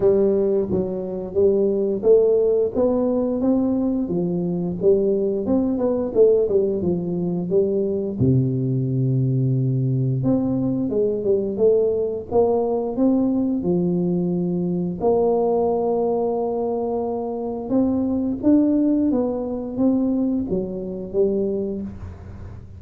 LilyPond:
\new Staff \with { instrumentName = "tuba" } { \time 4/4 \tempo 4 = 88 g4 fis4 g4 a4 | b4 c'4 f4 g4 | c'8 b8 a8 g8 f4 g4 | c2. c'4 |
gis8 g8 a4 ais4 c'4 | f2 ais2~ | ais2 c'4 d'4 | b4 c'4 fis4 g4 | }